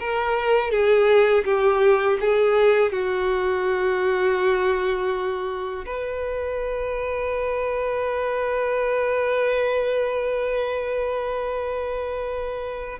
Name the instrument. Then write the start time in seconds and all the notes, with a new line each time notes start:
violin
0.00 A#4
0.71 G#4
1.45 G4
2.20 G#4
2.92 F#4
5.86 B4